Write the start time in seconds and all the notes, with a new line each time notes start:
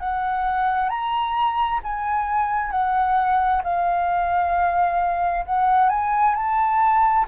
0.00 F#5
0.89 A#5
1.83 G#5
2.71 F#5
3.63 F5
5.45 F#5
5.89 G#5
6.35 A5